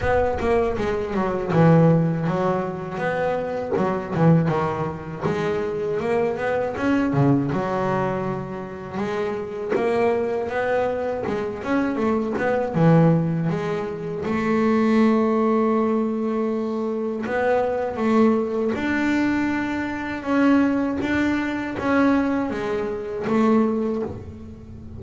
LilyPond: \new Staff \with { instrumentName = "double bass" } { \time 4/4 \tempo 4 = 80 b8 ais8 gis8 fis8 e4 fis4 | b4 fis8 e8 dis4 gis4 | ais8 b8 cis'8 cis8 fis2 | gis4 ais4 b4 gis8 cis'8 |
a8 b8 e4 gis4 a4~ | a2. b4 | a4 d'2 cis'4 | d'4 cis'4 gis4 a4 | }